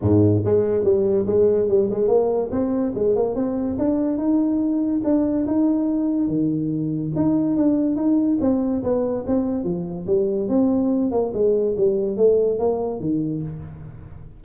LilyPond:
\new Staff \with { instrumentName = "tuba" } { \time 4/4 \tempo 4 = 143 gis,4 gis4 g4 gis4 | g8 gis8 ais4 c'4 gis8 ais8 | c'4 d'4 dis'2 | d'4 dis'2 dis4~ |
dis4 dis'4 d'4 dis'4 | c'4 b4 c'4 f4 | g4 c'4. ais8 gis4 | g4 a4 ais4 dis4 | }